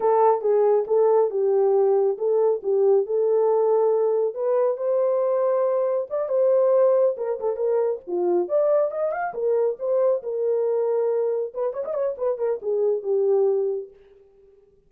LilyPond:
\new Staff \with { instrumentName = "horn" } { \time 4/4 \tempo 4 = 138 a'4 gis'4 a'4 g'4~ | g'4 a'4 g'4 a'4~ | a'2 b'4 c''4~ | c''2 d''8 c''4.~ |
c''8 ais'8 a'8 ais'4 f'4 d''8~ | d''8 dis''8 f''8 ais'4 c''4 ais'8~ | ais'2~ ais'8 b'8 cis''16 dis''16 cis''8 | b'8 ais'8 gis'4 g'2 | }